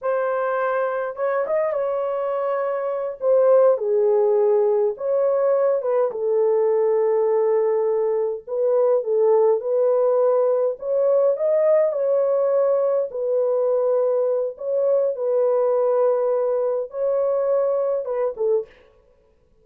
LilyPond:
\new Staff \with { instrumentName = "horn" } { \time 4/4 \tempo 4 = 103 c''2 cis''8 dis''8 cis''4~ | cis''4. c''4 gis'4.~ | gis'8 cis''4. b'8 a'4.~ | a'2~ a'8 b'4 a'8~ |
a'8 b'2 cis''4 dis''8~ | dis''8 cis''2 b'4.~ | b'4 cis''4 b'2~ | b'4 cis''2 b'8 a'8 | }